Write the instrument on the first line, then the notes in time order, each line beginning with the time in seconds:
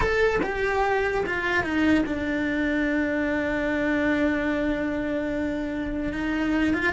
cello
0.00 A4
0.42 G4
1.26 F4
1.63 D#4
2.06 D4
6.13 D#4
6.73 F4